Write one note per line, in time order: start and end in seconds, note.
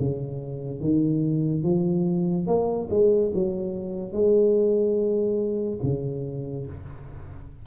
0.00 0.81 C#3
0.81 1.64 D#3
1.64 2.47 F3
2.47 2.89 A#3
2.91 3.32 G#3
3.34 4.13 F#3
4.13 5.80 G#3
5.83 6.67 C#3